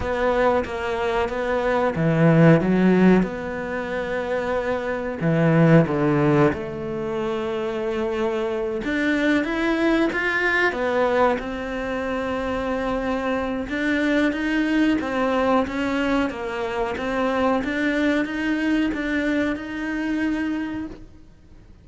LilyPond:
\new Staff \with { instrumentName = "cello" } { \time 4/4 \tempo 4 = 92 b4 ais4 b4 e4 | fis4 b2. | e4 d4 a2~ | a4. d'4 e'4 f'8~ |
f'8 b4 c'2~ c'8~ | c'4 d'4 dis'4 c'4 | cis'4 ais4 c'4 d'4 | dis'4 d'4 dis'2 | }